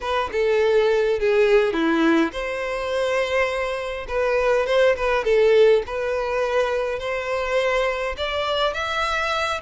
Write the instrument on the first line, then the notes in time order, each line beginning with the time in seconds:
violin
0.01 B4
0.32 A4
1.19 G#4
1.73 E4
2.31 C5
4.08 B4
4.66 C5
4.96 B4
5.24 A4
5.86 B4
6.99 C5
8.17 D5
8.73 E5